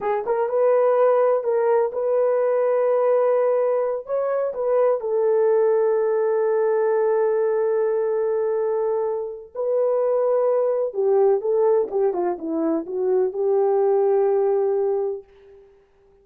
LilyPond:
\new Staff \with { instrumentName = "horn" } { \time 4/4 \tempo 4 = 126 gis'8 ais'8 b'2 ais'4 | b'1~ | b'8 cis''4 b'4 a'4.~ | a'1~ |
a'1 | b'2. g'4 | a'4 g'8 f'8 e'4 fis'4 | g'1 | }